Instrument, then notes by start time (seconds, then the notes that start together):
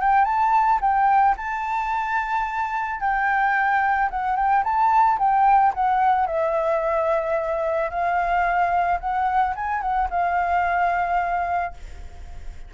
flute
0.00 G5
0.24 A5
0.81 G5
1.37 A5
3.00 G5
4.10 F#5
4.36 G5
4.63 A5
5.18 G5
5.74 F#5
6.26 E5
7.90 F5
9.00 F#5
9.55 G#5
9.81 F#5
10.10 F5